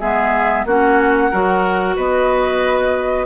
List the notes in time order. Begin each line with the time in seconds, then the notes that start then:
0.00 G#3 B3 G#4 E5
0.65 A#3 C#4 F#4 F#5
1.31 F#3 F#4 A#4
1.96 B3 B4 D#5